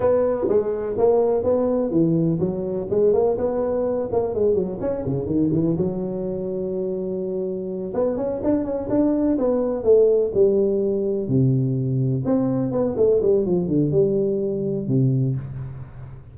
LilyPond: \new Staff \with { instrumentName = "tuba" } { \time 4/4 \tempo 4 = 125 b4 gis4 ais4 b4 | e4 fis4 gis8 ais8 b4~ | b8 ais8 gis8 fis8 cis'8 cis8 dis8 e8 | fis1~ |
fis8 b8 cis'8 d'8 cis'8 d'4 b8~ | b8 a4 g2 c8~ | c4. c'4 b8 a8 g8 | f8 d8 g2 c4 | }